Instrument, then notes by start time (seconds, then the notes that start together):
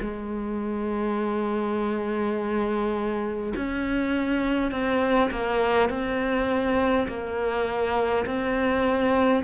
cello
0.00 G#3
3.56 C#4
4.71 C4
5.30 A#3
5.89 C4
7.07 A#3
8.25 C4